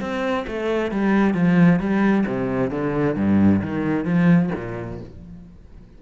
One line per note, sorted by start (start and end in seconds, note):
0.00 0.45 C4
0.47 0.91 A3
0.91 1.34 G3
1.34 1.79 F3
1.79 2.25 G3
2.26 2.70 C3
2.70 3.15 D3
3.15 3.61 G2
3.62 4.05 D#3
4.05 4.50 F3
4.55 5.00 A#2